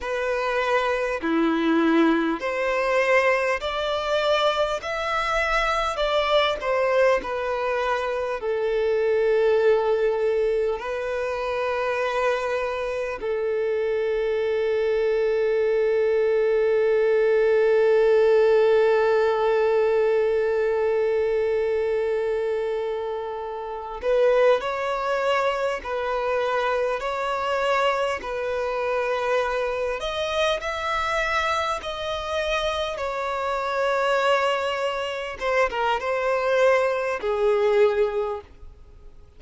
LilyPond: \new Staff \with { instrumentName = "violin" } { \time 4/4 \tempo 4 = 50 b'4 e'4 c''4 d''4 | e''4 d''8 c''8 b'4 a'4~ | a'4 b'2 a'4~ | a'1~ |
a'1 | b'8 cis''4 b'4 cis''4 b'8~ | b'4 dis''8 e''4 dis''4 cis''8~ | cis''4. c''16 ais'16 c''4 gis'4 | }